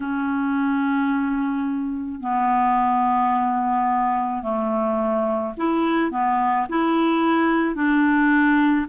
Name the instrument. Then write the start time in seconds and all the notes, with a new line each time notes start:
clarinet
0.00 C#4
2.20 B3
4.42 A3
5.57 E4
6.11 B3
6.69 E4
7.75 D4